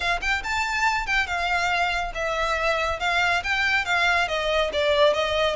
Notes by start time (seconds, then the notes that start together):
0.00 F5
0.21 G5
0.43 A5
1.06 G5
1.26 F5
2.14 E5
2.99 F5
3.43 G5
3.85 F5
4.27 D#5
4.72 D5
5.13 D#5